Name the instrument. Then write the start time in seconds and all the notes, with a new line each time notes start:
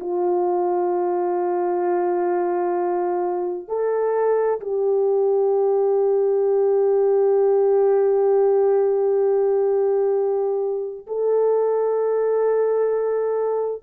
horn
0.00 F4
3.68 A4
4.60 G4
11.07 A4